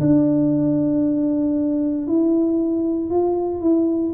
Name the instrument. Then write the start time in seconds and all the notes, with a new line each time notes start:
tuba
0.00 D4
2.07 E4
3.10 F4
3.61 E4